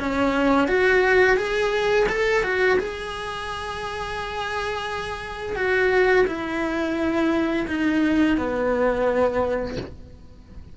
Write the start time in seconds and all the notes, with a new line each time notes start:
0.00 C#4
0.68 F#4
1.37 G#4
2.09 A4
2.44 F#4
2.79 G#4
5.56 F#4
6.28 E4
7.68 D#4
8.38 B3